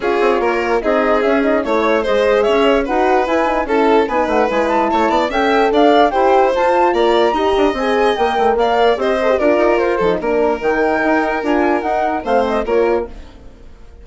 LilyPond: <<
  \new Staff \with { instrumentName = "flute" } { \time 4/4 \tempo 4 = 147 cis''2 dis''4 e''8 dis''8 | cis''4 dis''4 e''4 fis''4 | gis''4 a''4 gis''8 fis''8 gis''8 a''8~ | a''4 g''4 f''4 g''4 |
a''4 ais''2 gis''4 | g''4 f''4 dis''4 d''4 | c''4 ais'4 g''2 | gis''4 fis''4 f''8 dis''8 cis''4 | }
  \new Staff \with { instrumentName = "violin" } { \time 4/4 gis'4 ais'4 gis'2 | cis''4 c''4 cis''4 b'4~ | b'4 a'4 b'2 | cis''8 d''8 e''4 d''4 c''4~ |
c''4 d''4 dis''2~ | dis''4 d''4 c''4 ais'4~ | ais'8 a'8 ais'2.~ | ais'2 c''4 ais'4 | }
  \new Staff \with { instrumentName = "horn" } { \time 4/4 f'2 dis'4 cis'8 dis'8 | e'4 gis'2 fis'4 | e'8 dis'8 e'4 dis'4 e'4~ | e'4 a'2 g'4 |
f'2 g'4 gis'4 | ais'2 g'8 a'16 g'16 f'4~ | f'8 dis'8 d'4 dis'2 | f'4 dis'4 c'4 f'4 | }
  \new Staff \with { instrumentName = "bassoon" } { \time 4/4 cis'8 c'8 ais4 c'4 cis'4 | a4 gis4 cis'4 dis'4 | e'4 cis'4 b8 a8 gis4 | a8 b8 cis'4 d'4 e'4 |
f'4 ais4 dis'8 d'8 c'4 | ais8 a8 ais4 c'4 d'8 dis'8 | f'8 f8 ais4 dis4 dis'4 | d'4 dis'4 a4 ais4 | }
>>